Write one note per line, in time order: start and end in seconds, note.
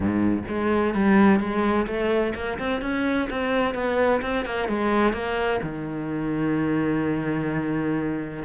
0.00 0.43 G#2
0.48 0.94 G#3
0.94 1.39 G3
1.39 1.86 G#3
1.86 2.33 A3
2.34 2.58 A#3
2.59 2.81 C4
2.81 3.28 C#4
3.29 3.74 C4
3.74 4.21 B3
4.21 4.45 C4
4.45 4.68 A#3
4.68 5.13 G#3
5.13 5.60 A#3
5.62 8.44 D#3